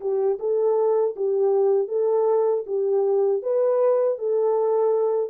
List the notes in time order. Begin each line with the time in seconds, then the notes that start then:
0.00 G4
0.39 A4
1.16 G4
1.88 A4
2.66 G4
3.42 B4
4.18 A4